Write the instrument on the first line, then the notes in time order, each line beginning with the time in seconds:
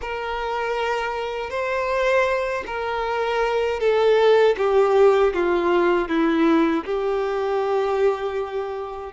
violin
0.01 A#4
1.50 C5
2.66 A#4
3.79 A4
4.57 G4
5.33 F4
6.08 E4
6.85 G4